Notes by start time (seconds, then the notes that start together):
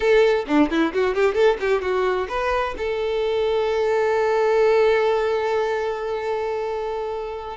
0.00 A4
0.46 D4
0.70 E4
0.93 F#4
1.15 G4
1.34 A4
1.60 G4
1.81 F#4
2.29 B4
2.77 A4